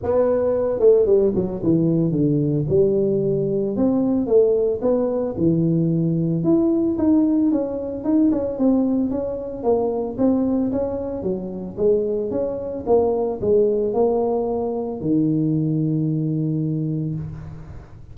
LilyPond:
\new Staff \with { instrumentName = "tuba" } { \time 4/4 \tempo 4 = 112 b4. a8 g8 fis8 e4 | d4 g2 c'4 | a4 b4 e2 | e'4 dis'4 cis'4 dis'8 cis'8 |
c'4 cis'4 ais4 c'4 | cis'4 fis4 gis4 cis'4 | ais4 gis4 ais2 | dis1 | }